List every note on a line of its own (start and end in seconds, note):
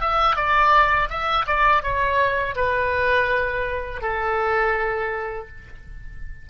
0.00 0.36 E5
0.36 1.09 D5
1.09 1.46 E5
1.46 1.83 D5
1.83 2.55 C#5
2.55 4.01 B4
4.01 5.47 A4